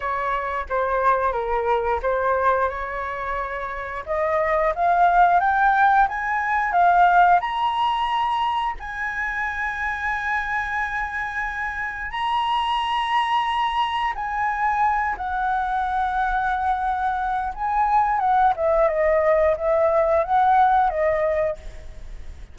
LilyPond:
\new Staff \with { instrumentName = "flute" } { \time 4/4 \tempo 4 = 89 cis''4 c''4 ais'4 c''4 | cis''2 dis''4 f''4 | g''4 gis''4 f''4 ais''4~ | ais''4 gis''2.~ |
gis''2 ais''2~ | ais''4 gis''4. fis''4.~ | fis''2 gis''4 fis''8 e''8 | dis''4 e''4 fis''4 dis''4 | }